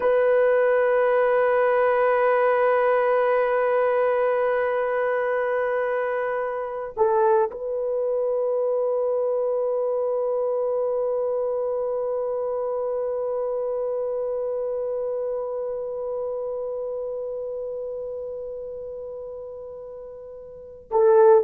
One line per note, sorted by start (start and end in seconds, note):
0.00 6.94 B4
6.96 7.50 A4
7.50 20.90 B4
20.90 21.43 A4